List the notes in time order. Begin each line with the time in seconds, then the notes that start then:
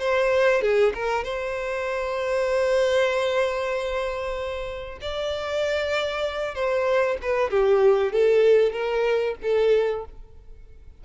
0.00 C5
0.62 G#4
0.95 A#4
1.24 C5
5.01 D5
6.55 C5
7.22 B4
7.51 G4
8.12 A4
8.73 A#4
9.43 A4